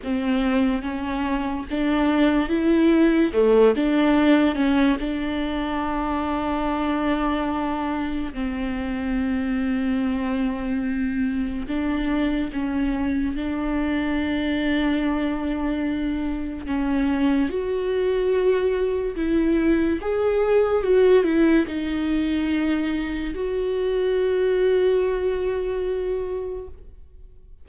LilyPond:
\new Staff \with { instrumentName = "viola" } { \time 4/4 \tempo 4 = 72 c'4 cis'4 d'4 e'4 | a8 d'4 cis'8 d'2~ | d'2 c'2~ | c'2 d'4 cis'4 |
d'1 | cis'4 fis'2 e'4 | gis'4 fis'8 e'8 dis'2 | fis'1 | }